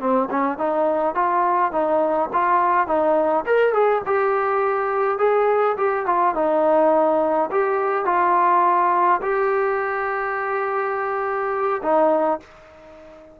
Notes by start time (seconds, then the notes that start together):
0.00 C4
0.30 C#4
0.58 D#4
1.15 F4
1.72 D#4
2.32 F4
2.87 D#4
3.46 A#4
3.73 G#4
4.06 G4
5.18 G#4
5.77 G4
6.06 F4
6.35 D#4
7.51 G4
8.05 F4
9.22 G4
11.82 D#4